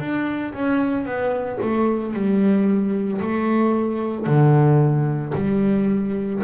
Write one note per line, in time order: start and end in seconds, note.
0.00 0.54 D4
0.54 1.06 C#4
1.06 1.59 B3
1.62 2.14 A3
2.14 3.21 G3
3.21 4.27 A3
4.27 5.34 D3
5.35 6.42 G3